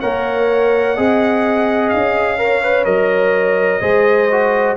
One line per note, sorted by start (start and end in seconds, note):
0.00 0.98 A#3
0.00 0.96 A#4
0.00 0.95 C#5
0.00 1.89 F#5
0.95 1.93 C4
0.95 2.38 G#4
0.95 2.38 D#5
1.89 2.86 C#4
1.89 2.84 F5
2.38 2.62 A#4
2.38 3.82 C#5
2.63 2.85 B4
2.85 3.81 F#3
2.85 3.80 A#4
2.85 4.75 D#5
3.81 4.76 G#3
3.81 4.28 G#4
3.81 4.76 C5
4.31 4.76 F#4